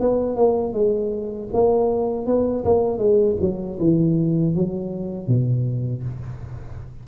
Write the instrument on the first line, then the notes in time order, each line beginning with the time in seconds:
tuba
0.00 B3
0.36 A#3
0.74 G#3
1.54 A#3
2.26 B3
2.65 A#3
2.99 G#3
3.41 F#3
3.80 E3
4.55 F#3
5.28 B2